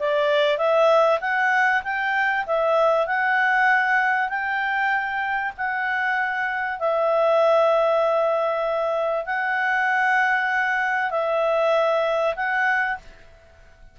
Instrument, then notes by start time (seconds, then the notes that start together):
clarinet
0.00 D5
0.58 E5
1.21 F#5
1.84 G5
2.47 E5
3.07 F#5
4.30 G5
5.58 F#5
6.80 E5
9.26 F#5
11.11 E5
12.36 F#5